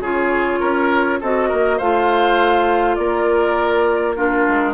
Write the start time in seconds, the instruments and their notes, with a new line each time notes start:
0.00 bassoon C#3, clarinet F4, oboe G#4, flute C#5
0.60 bassoon C#4, oboe A#4
1.20 bassoon C4, clarinet F#4, oboe A4, flute D#5
1.48 bassoon A#3, oboe A#4
1.77 bassoon A3, clarinet F4, oboe C5, flute F5
2.95 bassoon A#3, oboe A#4, flute D5
4.15 clarinet D4, oboe F4, flute A#4
4.48 bassoon G#3